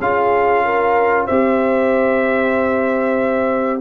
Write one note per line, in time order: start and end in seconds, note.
0.00 1.28 C#4
0.00 1.30 F4
0.00 0.65 G#4
0.00 1.27 F5
0.65 1.26 A#4
1.26 3.81 C4
1.26 3.81 G4
1.26 3.81 C5
1.26 3.81 E5